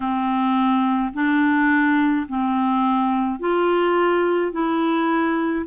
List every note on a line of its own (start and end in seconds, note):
0.00 1.13 C4
1.13 2.26 D4
2.28 3.39 C4
3.39 4.52 F4
4.52 5.65 E4